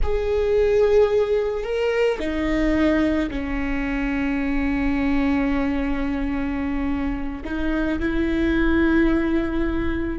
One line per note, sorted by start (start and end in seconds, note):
0.02 1.63 G#4
1.63 2.18 A#4
2.19 3.29 D#4
3.30 7.43 C#4
7.44 7.99 D#4
7.99 10.19 E4